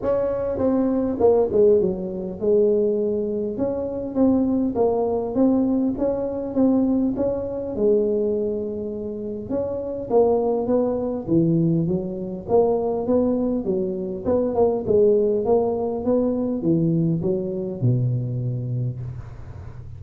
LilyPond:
\new Staff \with { instrumentName = "tuba" } { \time 4/4 \tempo 4 = 101 cis'4 c'4 ais8 gis8 fis4 | gis2 cis'4 c'4 | ais4 c'4 cis'4 c'4 | cis'4 gis2. |
cis'4 ais4 b4 e4 | fis4 ais4 b4 fis4 | b8 ais8 gis4 ais4 b4 | e4 fis4 b,2 | }